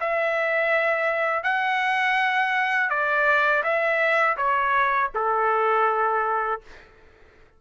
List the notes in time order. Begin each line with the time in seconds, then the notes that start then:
0.00 E5
1.43 F#5
2.89 D5
3.63 E5
4.37 C#5
5.14 A4